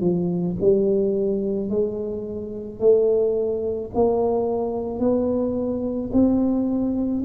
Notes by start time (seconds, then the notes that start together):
0.00 F3
0.61 G3
1.69 G#3
2.79 A3
3.94 A#3
4.99 B3
6.13 C4